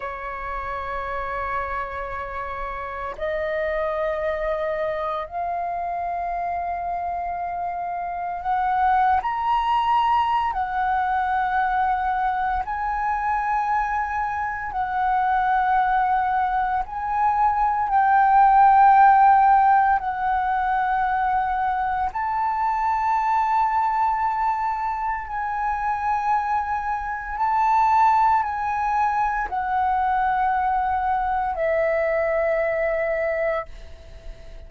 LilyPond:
\new Staff \with { instrumentName = "flute" } { \time 4/4 \tempo 4 = 57 cis''2. dis''4~ | dis''4 f''2. | fis''8. ais''4~ ais''16 fis''2 | gis''2 fis''2 |
gis''4 g''2 fis''4~ | fis''4 a''2. | gis''2 a''4 gis''4 | fis''2 e''2 | }